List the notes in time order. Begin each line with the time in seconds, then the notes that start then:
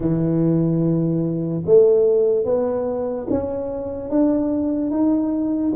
0.00 E3
1.65 A3
2.44 B3
3.30 C#4
4.09 D4
4.91 D#4